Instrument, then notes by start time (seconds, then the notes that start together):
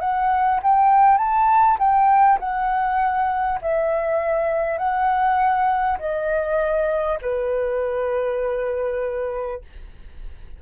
flute
0.00 F#5
0.63 G5
1.18 A5
1.79 G5
2.39 F#5
3.62 E5
4.78 F#5
5.99 D#5
7.22 B4